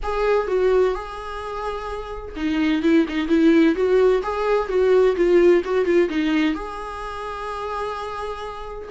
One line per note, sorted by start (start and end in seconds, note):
0.03 0.47 G#4
0.47 0.94 F#4
0.94 2.35 G#4
2.36 2.82 D#4
2.82 3.06 E4
3.08 3.28 D#4
3.28 3.75 E4
3.75 4.22 F#4
4.22 4.68 G#4
4.68 5.15 F#4
5.16 5.62 F4
5.64 5.85 F#4
5.85 6.08 F4
6.09 6.54 D#4
6.54 8.88 G#4